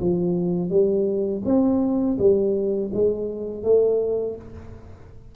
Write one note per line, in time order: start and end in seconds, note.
0.00 0.70 F3
0.70 1.42 G3
1.45 2.17 C4
2.19 2.91 G3
2.94 3.63 G#3
3.63 4.36 A3